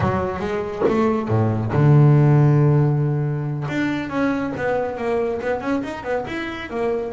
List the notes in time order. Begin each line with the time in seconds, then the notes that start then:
0.00 F#3
0.39 G#3
0.88 A3
1.28 A2
1.72 D3
3.68 D4
4.09 C#4
4.56 B3
4.97 A#3
5.41 B3
5.61 C#4
5.83 D#4
6.03 B3
6.27 E4
6.69 A#3